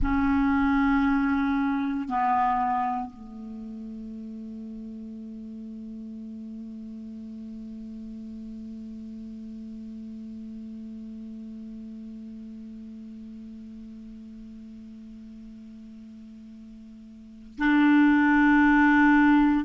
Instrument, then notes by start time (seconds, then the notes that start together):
clarinet
0.02 C#4
2.08 B3
3.10 A3
17.58 D4